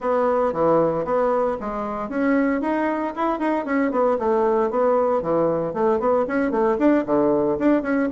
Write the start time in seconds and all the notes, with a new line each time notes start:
0.00 B3
0.52 E3
1.05 B3
1.60 G#3
2.09 C#4
2.61 D#4
3.15 E4
3.39 D#4
3.65 C#4
3.91 B3
4.19 A3
4.70 B3
5.22 E3
5.73 A3
5.99 B3
6.27 C#4
6.51 A3
6.78 D4
7.06 D3
7.59 D4
7.82 C#4